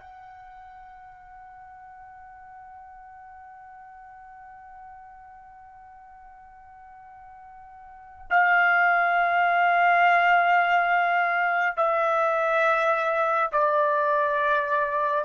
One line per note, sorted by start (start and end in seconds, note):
0.00 8.26 F#5
8.30 11.77 F5
11.77 13.51 E5
13.52 15.25 D5